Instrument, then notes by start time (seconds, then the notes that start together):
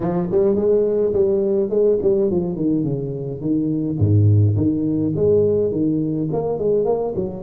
tuba
0.00 F3
0.31 G3
0.55 G#3
1.13 G3
1.69 G#3
2.02 G3
2.31 F3
2.56 D#3
2.83 C#3
3.41 D#3
3.98 G#2
4.56 D#3
5.15 G#3
5.71 D#3
6.32 A#3
6.58 G#3
6.85 A#3
7.15 F#3